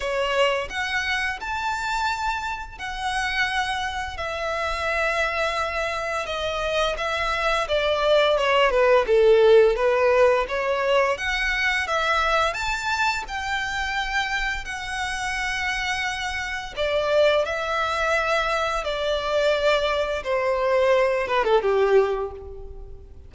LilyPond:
\new Staff \with { instrumentName = "violin" } { \time 4/4 \tempo 4 = 86 cis''4 fis''4 a''2 | fis''2 e''2~ | e''4 dis''4 e''4 d''4 | cis''8 b'8 a'4 b'4 cis''4 |
fis''4 e''4 a''4 g''4~ | g''4 fis''2. | d''4 e''2 d''4~ | d''4 c''4. b'16 a'16 g'4 | }